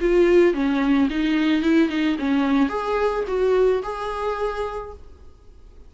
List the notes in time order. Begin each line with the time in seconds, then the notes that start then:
0.00 F4
0.54 C#4
1.10 D#4
1.62 E4
1.89 D#4
2.18 C#4
2.69 G#4
3.27 F#4
3.83 G#4